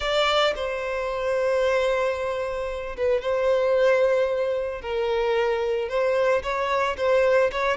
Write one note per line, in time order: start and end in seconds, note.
0.00 0.53 D5
0.55 2.96 C5
2.97 3.21 B4
3.21 4.81 C5
4.81 5.88 A#4
5.88 6.42 C5
6.42 6.96 C#5
6.97 7.50 C5
7.51 7.77 C#5